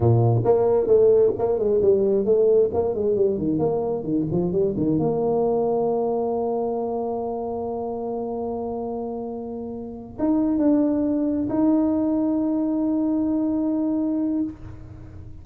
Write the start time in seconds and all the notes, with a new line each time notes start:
0.00 A#2
0.44 A#3
0.87 A3
1.38 A#3
1.58 G#3
1.81 G3
2.25 A3
2.73 A#3
2.94 G#3
3.15 G3
3.38 D#3
3.58 A#3
4.03 D#3
4.31 F3
4.52 G3
4.76 D#3
4.98 A#3
10.18 D#4
10.58 D4
11.49 D#4